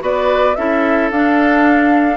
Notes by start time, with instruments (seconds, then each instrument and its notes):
0.00 bassoon B3, clarinet F#4, oboe B4, flute D5
0.55 bassoon C#4, clarinet E4, oboe A4, flute E5
1.11 bassoon D4, clarinet D4, flute F5